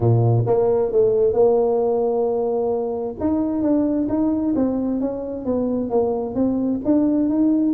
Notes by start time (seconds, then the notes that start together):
0.00 A#2
0.46 A#3
0.92 A3
1.33 A#3
3.19 D#4
3.62 D4
4.08 D#4
4.55 C4
5.00 C#4
5.45 B3
5.90 A#3
6.35 C4
6.84 D4
7.29 D#4